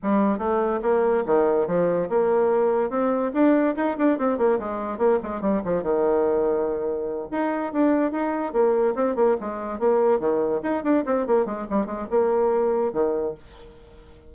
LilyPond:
\new Staff \with { instrumentName = "bassoon" } { \time 4/4 \tempo 4 = 144 g4 a4 ais4 dis4 | f4 ais2 c'4 | d'4 dis'8 d'8 c'8 ais8 gis4 | ais8 gis8 g8 f8 dis2~ |
dis4. dis'4 d'4 dis'8~ | dis'8 ais4 c'8 ais8 gis4 ais8~ | ais8 dis4 dis'8 d'8 c'8 ais8 gis8 | g8 gis8 ais2 dis4 | }